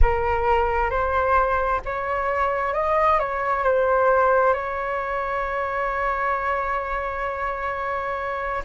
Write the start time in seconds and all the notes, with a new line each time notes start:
0.01 A#4
0.90 C5
1.85 C#5
2.73 D#5
3.19 C#5
3.63 C5
4.53 C#5